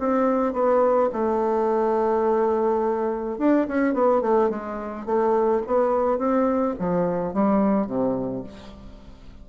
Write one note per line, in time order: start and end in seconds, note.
0.00 0.54 C4
0.54 1.10 B3
1.13 3.39 A3
3.39 3.67 D4
3.68 3.94 C#4
3.94 4.22 B3
4.22 4.50 A3
4.50 5.06 G#3
5.06 5.63 A3
5.67 6.19 B3
6.19 6.75 C4
6.80 7.34 F3
7.34 7.87 G3
7.87 8.44 C3